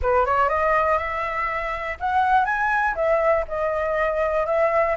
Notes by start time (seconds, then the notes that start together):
0.01 B4
0.25 C#5
0.48 D#5
0.98 E5
1.99 F#5
2.45 G#5
2.95 E5
3.47 D#5
4.46 E5